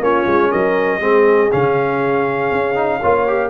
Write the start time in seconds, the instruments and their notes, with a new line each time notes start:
0.00 tuba A#3, trombone C#4, horn F4, trumpet C#5
0.27 tuba G#3
0.51 tuba F#3, horn A#4, trumpet D#5
1.00 tuba G#3, trombone C4, horn G#4
1.52 tuba C#3, trombone C#4, trumpet F5
2.52 tuba C#4
2.75 trombone D#4
3.01 tuba A#3, trombone F4, horn C#5
3.28 trombone G4